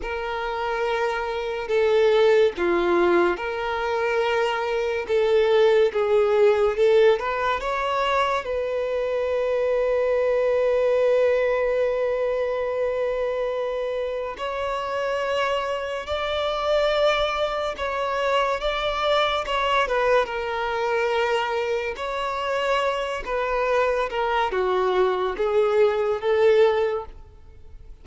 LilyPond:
\new Staff \with { instrumentName = "violin" } { \time 4/4 \tempo 4 = 71 ais'2 a'4 f'4 | ais'2 a'4 gis'4 | a'8 b'8 cis''4 b'2~ | b'1~ |
b'4 cis''2 d''4~ | d''4 cis''4 d''4 cis''8 b'8 | ais'2 cis''4. b'8~ | b'8 ais'8 fis'4 gis'4 a'4 | }